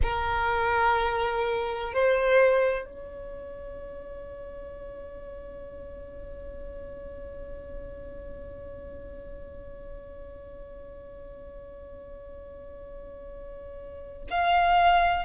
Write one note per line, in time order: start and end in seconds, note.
0.03 1.93 A#4
1.93 2.85 C5
2.85 14.28 C#5
14.30 15.25 F5